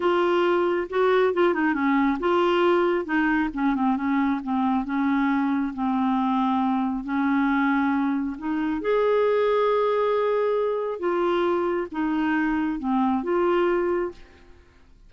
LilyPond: \new Staff \with { instrumentName = "clarinet" } { \time 4/4 \tempo 4 = 136 f'2 fis'4 f'8 dis'8 | cis'4 f'2 dis'4 | cis'8 c'8 cis'4 c'4 cis'4~ | cis'4 c'2. |
cis'2. dis'4 | gis'1~ | gis'4 f'2 dis'4~ | dis'4 c'4 f'2 | }